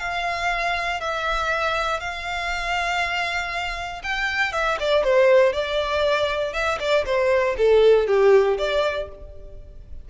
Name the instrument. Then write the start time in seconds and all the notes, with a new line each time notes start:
violin
0.00 F5
1.01 E5
2.00 F5
4.04 G5
4.52 E5
4.80 D5
5.04 C5
5.53 D5
6.53 E5
6.80 D5
7.06 C5
7.58 A4
8.07 G4
8.58 D5